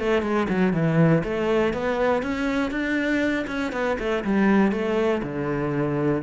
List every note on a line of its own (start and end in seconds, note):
0.00 0.22 A3
0.22 0.47 G#3
0.49 0.73 F#3
0.73 1.23 E3
1.24 1.74 A3
1.74 2.23 B3
2.23 2.71 C#4
2.71 3.46 D4
3.47 3.72 C#4
3.72 3.97 B3
3.99 4.24 A3
4.24 4.72 G3
4.72 5.22 A3
5.22 6.22 D3